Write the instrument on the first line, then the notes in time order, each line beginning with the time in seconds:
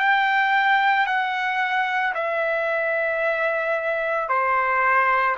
trumpet
0.00 G5
1.07 F#5
2.15 E5
4.29 C5